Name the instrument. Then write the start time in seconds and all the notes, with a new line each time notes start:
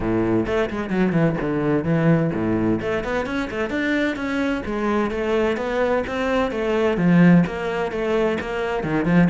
cello
0.00 A2
0.46 A3
0.70 G#3
0.89 F#3
1.12 E3
1.41 D3
1.84 E3
2.33 A2
2.81 A3
3.04 B3
3.26 C#4
3.50 A3
3.70 D4
4.16 C#4
4.65 G#3
5.10 A3
5.57 B3
6.06 C4
6.51 A3
6.97 F3
7.46 A#3
7.91 A3
8.40 A#3
8.83 D#3
9.05 F3